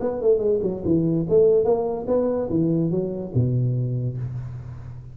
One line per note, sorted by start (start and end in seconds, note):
0.00 0.21 B3
0.21 0.39 A3
0.39 0.59 G#3
0.62 0.83 F#3
0.84 1.26 E3
1.29 1.64 A3
1.64 2.05 A#3
2.07 2.48 B3
2.49 2.90 E3
2.90 3.32 F#3
3.34 4.17 B2